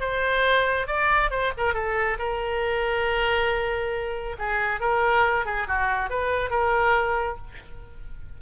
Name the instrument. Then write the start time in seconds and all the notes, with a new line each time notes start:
oboe
0.00 C5
0.87 D5
1.30 C5
1.57 A#4
1.74 A4
2.19 A#4
4.38 G#4
4.80 A#4
5.45 G#4
5.67 F#4
6.10 B4
6.50 A#4